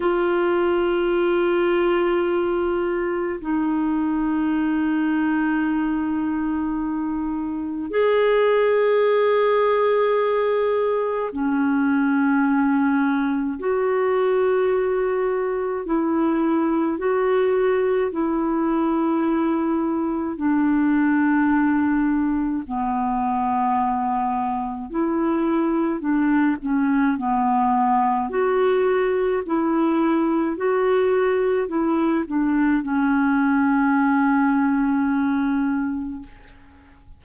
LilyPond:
\new Staff \with { instrumentName = "clarinet" } { \time 4/4 \tempo 4 = 53 f'2. dis'4~ | dis'2. gis'4~ | gis'2 cis'2 | fis'2 e'4 fis'4 |
e'2 d'2 | b2 e'4 d'8 cis'8 | b4 fis'4 e'4 fis'4 | e'8 d'8 cis'2. | }